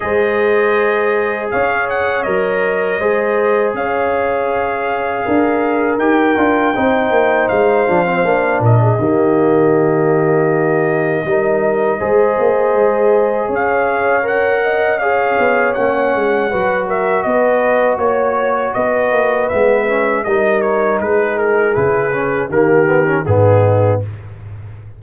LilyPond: <<
  \new Staff \with { instrumentName = "trumpet" } { \time 4/4 \tempo 4 = 80 dis''2 f''8 fis''8 dis''4~ | dis''4 f''2. | g''2 f''4. dis''8~ | dis''1~ |
dis''2 f''4 fis''4 | f''4 fis''4. e''8 dis''4 | cis''4 dis''4 e''4 dis''8 cis''8 | b'8 ais'8 b'4 ais'4 gis'4 | }
  \new Staff \with { instrumentName = "horn" } { \time 4/4 c''2 cis''2 | c''4 cis''2 ais'4~ | ais'4 c''2~ c''8 ais'16 gis'16 | g'2. ais'4 |
c''2 cis''4. dis''8 | cis''2 b'8 ais'8 b'4 | cis''4 b'2 ais'4 | gis'2 g'4 dis'4 | }
  \new Staff \with { instrumentName = "trombone" } { \time 4/4 gis'2. ais'4 | gis'1 | g'8 f'8 dis'4. d'16 c'16 d'4 | ais2. dis'4 |
gis'2. ais'4 | gis'4 cis'4 fis'2~ | fis'2 b8 cis'8 dis'4~ | dis'4 e'8 cis'8 ais8 b16 cis'16 b4 | }
  \new Staff \with { instrumentName = "tuba" } { \time 4/4 gis2 cis'4 fis4 | gis4 cis'2 d'4 | dis'8 d'8 c'8 ais8 gis8 f8 ais8 ais,8 | dis2. g4 |
gis8 ais8 gis4 cis'2~ | cis'8 b8 ais8 gis8 fis4 b4 | ais4 b8 ais8 gis4 g4 | gis4 cis4 dis4 gis,4 | }
>>